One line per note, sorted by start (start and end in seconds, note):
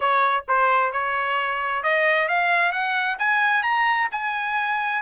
0.00 0.44 C#5
0.48 0.92 C5
0.92 1.83 C#5
1.83 2.28 D#5
2.28 2.71 F5
2.71 3.17 F#5
3.18 3.62 G#5
3.62 4.08 A#5
4.11 5.02 G#5